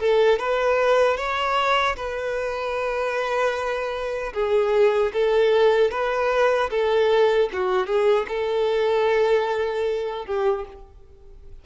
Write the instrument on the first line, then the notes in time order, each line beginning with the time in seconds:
violin
0.00 A4
0.39 B4
1.17 C#5
1.96 B4
4.33 G#4
5.13 A4
5.91 B4
6.70 A4
7.53 F#4
7.87 G#4
8.29 A4
10.26 G4